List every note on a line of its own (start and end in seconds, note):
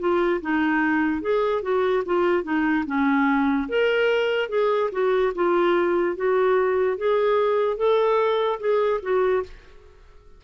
0.00 0.41 F4
0.42 1.22 D#4
1.22 1.63 G#4
1.63 2.04 F#4
2.06 2.44 F4
2.44 2.85 D#4
2.87 3.69 C#4
3.69 4.50 A#4
4.50 4.91 G#4
4.92 5.33 F#4
5.36 6.17 F4
6.17 6.98 F#4
6.98 7.77 G#4
7.77 8.60 A4
8.60 9.01 G#4
9.03 9.44 F#4